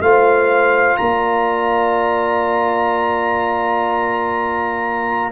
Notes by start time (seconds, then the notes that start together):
0.00 A3 F4 C5 F5
0.97 A#3 D5 A#5